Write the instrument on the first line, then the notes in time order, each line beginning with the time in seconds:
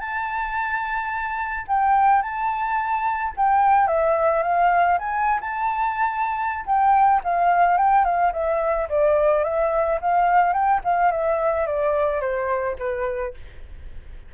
flute
0.00 A5
1.67 G5
2.22 A5
3.37 G5
3.88 E5
4.43 F5
4.99 G#5
5.41 A5
6.66 G5
7.24 F5
7.78 G5
8.05 F5
8.33 E5
8.89 D5
9.44 E5
10.01 F5
10.53 G5
10.84 F5
11.11 E5
11.67 D5
12.21 C5
12.79 B4